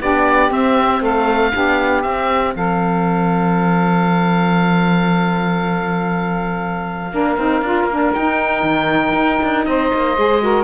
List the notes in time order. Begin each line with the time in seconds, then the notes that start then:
0.00 B3 D4 G4 D5
0.50 C4 E5
1.00 A3 A4 F5
1.52 B3 D4 G4
2.02 C4 E5
2.55 F3 A4 F5
7.12 A#3 D4 A#4
7.37 C4 D#4
7.62 D4 F4
7.84 A#3
7.91 D4
8.13 D#4 G5
8.63 D#3
9.13 D#4
9.43 D4
9.65 C4 C5 D#5
9.94 A#3
10.17 G#3 G#4
10.40 F#4 A#4